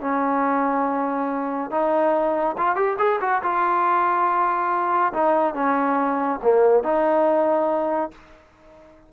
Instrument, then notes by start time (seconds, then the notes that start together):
trombone
0.00 C#4
1.70 D#4
2.57 F4
2.75 G4
2.98 G#4
3.20 F#4
3.42 F4
5.13 D#4
5.54 C#4
6.43 A#3
6.83 D#4